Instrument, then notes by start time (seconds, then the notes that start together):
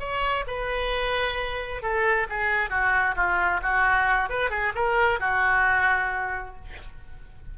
oboe
0.00 C#5
0.47 B4
1.83 A4
2.30 G#4
2.70 F#4
3.16 F4
3.63 F#4
4.30 B4
4.51 G#4
4.75 A#4
5.20 F#4